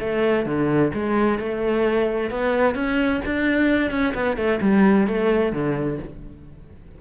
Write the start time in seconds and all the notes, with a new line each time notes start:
0.00 A3
0.46 D3
0.94 G#3
1.39 A3
2.31 B3
2.75 C#4
3.26 D4
3.91 C#4
4.15 B3
4.37 A3
4.62 G3
5.08 A3
5.53 D3